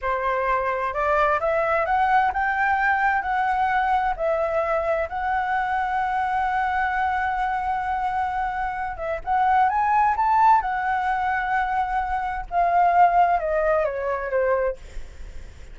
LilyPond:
\new Staff \with { instrumentName = "flute" } { \time 4/4 \tempo 4 = 130 c''2 d''4 e''4 | fis''4 g''2 fis''4~ | fis''4 e''2 fis''4~ | fis''1~ |
fis''2.~ fis''8 e''8 | fis''4 gis''4 a''4 fis''4~ | fis''2. f''4~ | f''4 dis''4 cis''4 c''4 | }